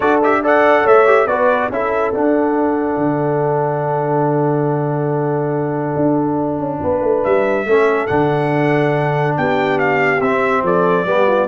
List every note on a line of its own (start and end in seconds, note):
0.00 0.84 D4
0.00 0.22 F#4
0.00 0.41 A4
0.00 0.20 D5
0.23 0.43 G4
0.23 0.44 E5
0.41 1.06 A4
0.41 0.83 D5
0.41 0.87 F#5
0.83 1.26 A3
0.83 1.26 C#5
0.83 1.27 E5
1.06 1.27 G4
1.26 1.68 B3
1.26 1.71 F#4
1.26 1.71 B4
1.26 1.69 D5
1.69 2.12 C#4
1.69 2.13 E4
1.69 6.81 A4
1.69 2.14 E5
2.13 7.66 D4
2.13 2.96 D4
2.13 7.23 F#5
2.96 5.94 D3
5.96 6.58 D4
6.58 6.79 C#4
6.81 7.01 B3
6.81 7.66 B4
7.01 7.22 A3
7.23 7.65 G3
7.23 8.07 E5
7.65 8.07 A3
7.65 8.08 C#4
7.65 9.37 A4
8.07 9.37 D3
8.07 10.20 D4
8.07 9.34 F#5
9.36 10.20 B3
9.36 10.63 G4
9.36 9.78 G5
9.78 10.21 F5
10.20 10.62 C4
10.20 11.05 C4
10.20 10.63 E5
10.62 11.05 F3
10.62 11.06 A4
10.62 11.47 D5
11.05 11.47 G3
11.05 11.47 B3
11.05 11.27 G4
11.27 11.47 F4